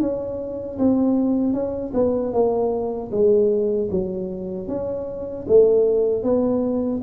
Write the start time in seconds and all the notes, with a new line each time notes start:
0.00 C#4
0.78 C4
1.53 C#4
1.93 B3
2.32 A#3
3.11 G#3
3.90 F#3
4.68 C#4
5.47 A3
6.23 B3